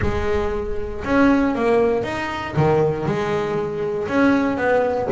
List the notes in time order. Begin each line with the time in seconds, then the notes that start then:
0.01 G#3
1.04 C#4
1.55 A#3
2.03 D#4
2.56 D#3
3.06 G#3
4.08 C#4
4.57 B3